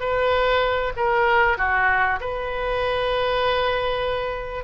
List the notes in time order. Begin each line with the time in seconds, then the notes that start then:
0.00 B4
0.96 A#4
1.58 F#4
2.21 B4